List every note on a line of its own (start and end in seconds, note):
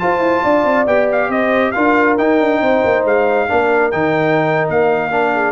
0.00 0.87 F4
0.00 0.19 F4
0.00 0.43 C5
0.00 0.87 A5
0.19 0.41 E4
0.43 0.65 D4
0.43 1.30 D5
0.65 0.86 C4
0.87 1.29 B3
0.87 1.75 G4
0.87 1.09 G5
1.12 1.32 F5
1.29 1.73 C4
1.29 1.74 C5
1.29 1.72 D#5
1.72 2.19 D4
1.72 2.19 F4
1.72 2.61 A#4
1.72 2.15 F5
2.18 2.40 D#4
2.18 3.49 D#4
2.18 3.05 G5
2.40 2.62 D4
2.61 2.83 C4
2.61 3.48 C5
2.85 3.05 A#3
3.05 3.49 G#3
3.05 3.92 F5
3.49 3.93 A#3
3.49 3.92 D4
3.49 5.34 A#4
3.92 4.69 D#3
3.92 5.12 D#4
3.92 4.68 G5
4.69 5.52 A#3
4.69 5.52 F5
5.12 5.52 D4
5.34 5.52 G#4